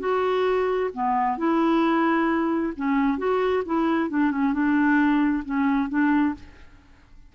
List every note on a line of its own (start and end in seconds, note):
0.00 0.90 F#4
0.94 1.38 B3
1.38 2.73 E4
2.77 3.18 C#4
3.18 3.64 F#4
3.66 4.10 E4
4.10 4.31 D4
4.31 4.54 C#4
4.54 5.44 D4
5.45 5.90 C#4
5.90 6.35 D4